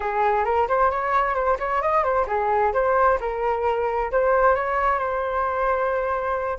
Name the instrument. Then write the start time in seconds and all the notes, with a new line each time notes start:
flute
0.00 G#4
0.44 A#4
0.68 C5
0.90 C#5
1.35 C5
1.59 C#5
1.82 D#5
2.03 C5
2.27 G#4
2.73 C5
3.20 A#4
4.11 C5
4.55 C#5
4.98 C5